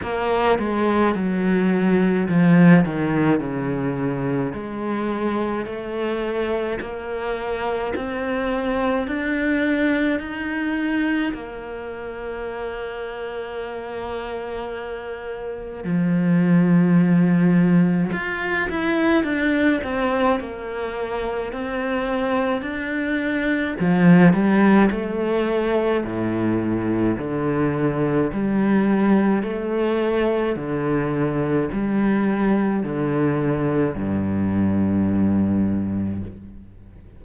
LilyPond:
\new Staff \with { instrumentName = "cello" } { \time 4/4 \tempo 4 = 53 ais8 gis8 fis4 f8 dis8 cis4 | gis4 a4 ais4 c'4 | d'4 dis'4 ais2~ | ais2 f2 |
f'8 e'8 d'8 c'8 ais4 c'4 | d'4 f8 g8 a4 a,4 | d4 g4 a4 d4 | g4 d4 g,2 | }